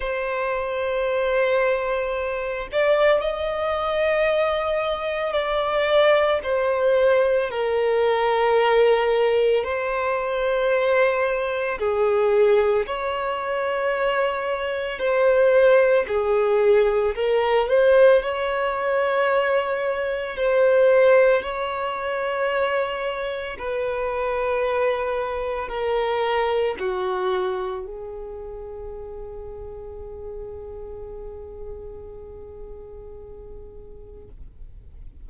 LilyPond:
\new Staff \with { instrumentName = "violin" } { \time 4/4 \tempo 4 = 56 c''2~ c''8 d''8 dis''4~ | dis''4 d''4 c''4 ais'4~ | ais'4 c''2 gis'4 | cis''2 c''4 gis'4 |
ais'8 c''8 cis''2 c''4 | cis''2 b'2 | ais'4 fis'4 gis'2~ | gis'1 | }